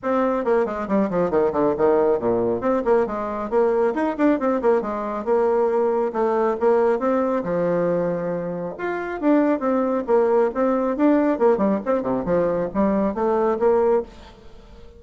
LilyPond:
\new Staff \with { instrumentName = "bassoon" } { \time 4/4 \tempo 4 = 137 c'4 ais8 gis8 g8 f8 dis8 d8 | dis4 ais,4 c'8 ais8 gis4 | ais4 dis'8 d'8 c'8 ais8 gis4 | ais2 a4 ais4 |
c'4 f2. | f'4 d'4 c'4 ais4 | c'4 d'4 ais8 g8 c'8 c8 | f4 g4 a4 ais4 | }